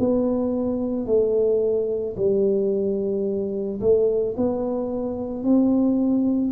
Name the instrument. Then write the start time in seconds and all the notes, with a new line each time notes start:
tuba
0.00 B3
1.07 A3
2.17 G3
3.81 A3
4.37 B3
5.44 C4